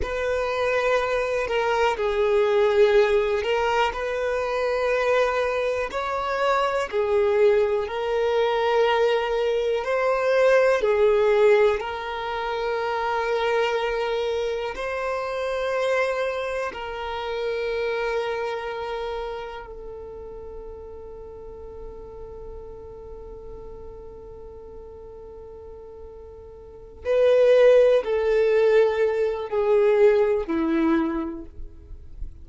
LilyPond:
\new Staff \with { instrumentName = "violin" } { \time 4/4 \tempo 4 = 61 b'4. ais'8 gis'4. ais'8 | b'2 cis''4 gis'4 | ais'2 c''4 gis'4 | ais'2. c''4~ |
c''4 ais'2. | a'1~ | a'2.~ a'8 b'8~ | b'8 a'4. gis'4 e'4 | }